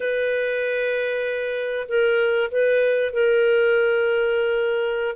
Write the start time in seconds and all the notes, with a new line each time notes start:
0.00 B4
1.88 A#4
2.51 B4
3.12 A#4